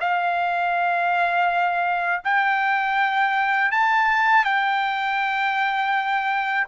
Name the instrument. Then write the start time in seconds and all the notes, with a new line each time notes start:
trumpet
0.00 F5
2.24 G5
3.71 A5
4.44 G5